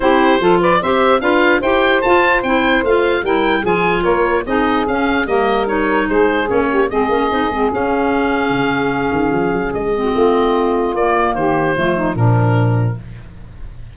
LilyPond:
<<
  \new Staff \with { instrumentName = "oboe" } { \time 4/4 \tempo 4 = 148 c''4. d''8 e''4 f''4 | g''4 a''4 g''4 f''4 | g''4 gis''4 cis''4 dis''4 | f''4 dis''4 cis''4 c''4 |
cis''4 dis''2 f''4~ | f''1 | dis''2. d''4 | c''2 ais'2 | }
  \new Staff \with { instrumentName = "saxophone" } { \time 4/4 g'4 a'8 b'8 c''4 b'4 | c''1 | ais'4 gis'4 ais'4 gis'4~ | gis'4 ais'2 gis'4~ |
gis'8 g'8 gis'2.~ | gis'1~ | gis'8. fis'16 f'2. | g'4 f'8 dis'8 d'2 | }
  \new Staff \with { instrumentName = "clarinet" } { \time 4/4 e'4 f'4 g'4 f'4 | g'4 f'4 e'4 f'4 | e'4 f'2 dis'4 | cis'4 ais4 dis'2 |
cis'4 c'8 cis'8 dis'8 c'8 cis'4~ | cis'1~ | cis'8 c'2~ c'8 ais4~ | ais4 a4 f2 | }
  \new Staff \with { instrumentName = "tuba" } { \time 4/4 c'4 f4 c'4 d'4 | e'4 f'4 c'4 a4 | g4 f4 ais4 c'4 | cis'4 g2 gis4 |
ais4 gis8 ais8 c'8 gis8 cis'4~ | cis'4 cis4. dis8 f8 fis8 | gis4 a2 ais4 | dis4 f4 ais,2 | }
>>